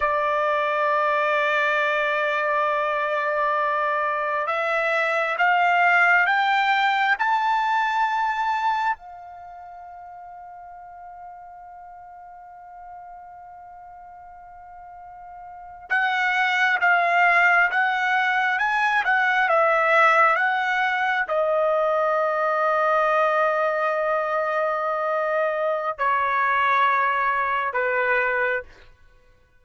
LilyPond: \new Staff \with { instrumentName = "trumpet" } { \time 4/4 \tempo 4 = 67 d''1~ | d''4 e''4 f''4 g''4 | a''2 f''2~ | f''1~ |
f''4.~ f''16 fis''4 f''4 fis''16~ | fis''8. gis''8 fis''8 e''4 fis''4 dis''16~ | dis''1~ | dis''4 cis''2 b'4 | }